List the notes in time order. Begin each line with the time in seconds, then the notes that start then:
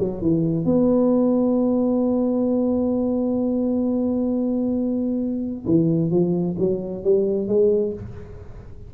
0.00 F#3
0.22 E3
0.65 B3
5.66 E3
6.11 F3
6.59 F#3
7.04 G3
7.48 G#3